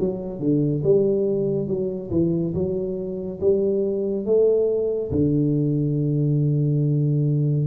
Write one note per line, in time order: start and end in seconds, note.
0.00 0.40 F#3
0.40 0.83 D3
0.84 1.68 G3
1.68 2.11 F#3
2.11 2.54 E3
2.54 3.40 F#3
3.41 4.26 G3
4.26 5.12 A3
5.12 7.67 D3